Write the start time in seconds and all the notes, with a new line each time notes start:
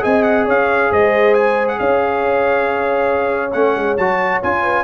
0.00 C4 G#4 D#5 G#5
0.23 F#5
0.45 C#4 C#5 F5
0.90 G#3 C5 D#5
1.34 G#5
1.68 F#5
1.79 C#4 C#5 F5
3.52 A3 C#4 F#5
3.76 G#3
3.97 F#3 F#4 A5
4.43 C#4 F4 G#5
4.62 B4